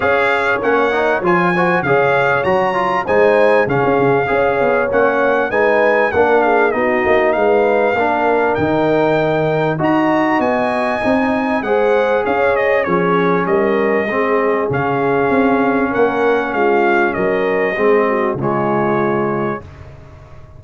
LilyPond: <<
  \new Staff \with { instrumentName = "trumpet" } { \time 4/4 \tempo 4 = 98 f''4 fis''4 gis''4 f''4 | ais''4 gis''4 f''2 | fis''4 gis''4 fis''8 f''8 dis''4 | f''2 g''2 |
ais''4 gis''2 fis''4 | f''8 dis''8 cis''4 dis''2 | f''2 fis''4 f''4 | dis''2 cis''2 | }
  \new Staff \with { instrumentName = "horn" } { \time 4/4 cis''2~ cis''8 c''8 cis''4~ | cis''4 c''4 gis'4 cis''4~ | cis''4 b'4 ais'8 gis'8 fis'4 | b'4 ais'2. |
dis''2. c''4 | cis''4 gis'4 ais'4 gis'4~ | gis'2 ais'4 f'4 | ais'4 gis'8 fis'8 f'2 | }
  \new Staff \with { instrumentName = "trombone" } { \time 4/4 gis'4 cis'8 dis'8 f'8 fis'8 gis'4 | fis'8 f'8 dis'4 cis'4 gis'4 | cis'4 dis'4 d'4 dis'4~ | dis'4 d'4 dis'2 |
fis'2 dis'4 gis'4~ | gis'4 cis'2 c'4 | cis'1~ | cis'4 c'4 gis2 | }
  \new Staff \with { instrumentName = "tuba" } { \time 4/4 cis'4 ais4 f4 cis4 | fis4 gis4 cis16 cis'16 cis8 cis'8 b8 | ais4 gis4 ais4 b8 ais8 | gis4 ais4 dis2 |
dis'4 b4 c'4 gis4 | cis'4 f4 g4 gis4 | cis4 c'4 ais4 gis4 | fis4 gis4 cis2 | }
>>